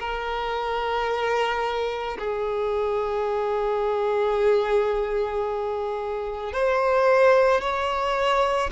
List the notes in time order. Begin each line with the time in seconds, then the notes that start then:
0.00 A#4
2.19 G#4
6.53 C5
7.61 C#5